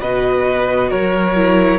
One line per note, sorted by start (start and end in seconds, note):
0.00 0.92 B2
0.00 1.36 F#4
0.00 0.89 B4
0.00 0.91 D#5
0.89 1.79 F#3
0.89 1.79 A#4
0.89 1.79 C#5
1.36 1.79 E4